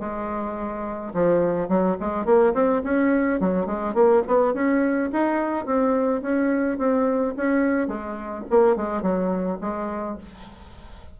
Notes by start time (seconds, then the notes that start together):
0.00 G#3
1.14 F3
1.69 F#3
2.00 G#3
2.25 A#3
2.54 C4
2.84 C#4
3.40 F#3
3.66 G#3
3.94 A#3
4.27 B3
4.54 C#4
5.13 D#4
5.66 C4
6.22 C#4
6.78 C4
7.37 C#4
7.88 G#3
8.50 A#3
8.76 G#3
9.02 F#3
9.61 G#3